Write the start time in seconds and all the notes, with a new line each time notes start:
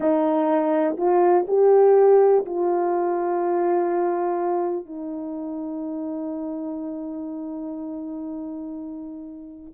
0.00 D#4
0.97 F4
1.47 G4
2.45 F4
4.85 D#4